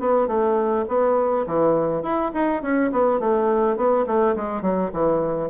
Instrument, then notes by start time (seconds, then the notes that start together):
bassoon
0.00 B3
0.28 A3
0.88 B3
1.47 E3
2.03 E4
2.34 D#4
2.62 C#4
2.92 B3
3.20 A3
3.77 B3
4.07 A3
4.36 G#3
4.62 F#3
4.93 E3